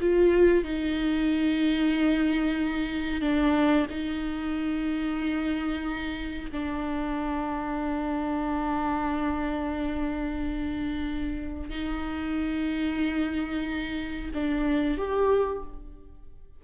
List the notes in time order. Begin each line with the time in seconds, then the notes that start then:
0.00 F4
0.64 D#4
3.21 D4
3.90 D#4
6.51 D4
11.69 D#4
14.34 D4
14.97 G4